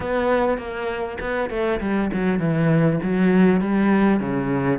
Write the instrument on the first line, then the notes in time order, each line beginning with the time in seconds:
cello
0.00 B3
0.58 A#3
1.20 B3
1.50 A3
1.80 G3
2.13 F#3
2.39 E3
3.02 F#3
3.60 G3
4.19 C#3